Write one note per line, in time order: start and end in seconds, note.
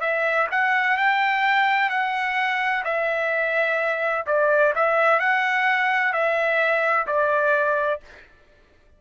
0.00 0.47 E5
0.51 0.97 F#5
0.97 1.90 G5
1.90 2.83 F#5
2.85 4.25 E5
4.27 4.73 D5
4.75 5.19 E5
5.19 6.13 F#5
6.13 7.07 E5
7.07 8.00 D5